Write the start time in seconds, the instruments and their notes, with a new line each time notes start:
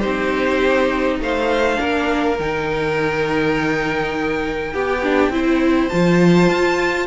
0.00 cello C4, viola D#4, violin G4 C5
1.20 cello A3, violin C5 F5
1.76 cello A#3, viola D4, violin A#4
2.39 cello D#3, viola D#4, violin G5
4.73 cello B3, violin G4, viola G4
5.03 viola D4
5.30 cello C4, viola E4, violin C5
5.89 cello F3, viola F4, violin A5
6.50 cello F4